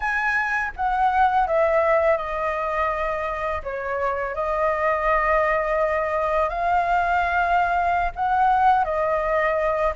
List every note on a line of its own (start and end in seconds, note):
0.00 0.71 G#5
0.76 1.47 F#5
1.47 2.17 E5
2.17 3.61 D#5
3.63 4.34 C#5
4.34 6.49 D#5
6.49 8.11 F5
8.15 8.84 F#5
8.84 9.93 D#5